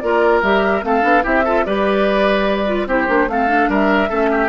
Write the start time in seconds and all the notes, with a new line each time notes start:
0.00 A#3 F4 A#4 D5
0.43 G3 G4 E5
0.82 A3 C4 A4 F5
1.02 B3 D4
1.23 C4 E4 G4 E5
1.45 F4 A4
1.65 G3 G4 B4 D5
2.67 F4
2.87 C4 E4 G4 C5
3.08 A#3 D4
3.28 A3 C4 A4 F5
3.48 D4
3.69 G3 A#4 E5
4.10 A3 C#4 A4
4.31 G4